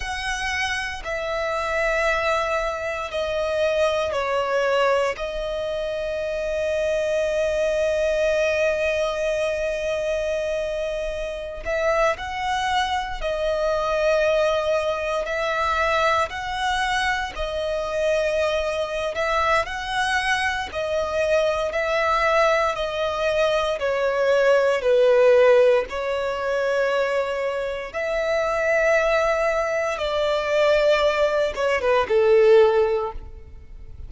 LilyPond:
\new Staff \with { instrumentName = "violin" } { \time 4/4 \tempo 4 = 58 fis''4 e''2 dis''4 | cis''4 dis''2.~ | dis''2.~ dis''16 e''8 fis''16~ | fis''8. dis''2 e''4 fis''16~ |
fis''8. dis''4.~ dis''16 e''8 fis''4 | dis''4 e''4 dis''4 cis''4 | b'4 cis''2 e''4~ | e''4 d''4. cis''16 b'16 a'4 | }